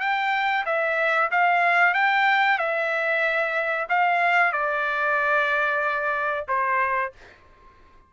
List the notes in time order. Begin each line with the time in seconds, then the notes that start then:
0.00 G5
0.66 E5
1.31 F5
1.94 G5
2.58 E5
3.89 F5
4.53 D5
6.48 C5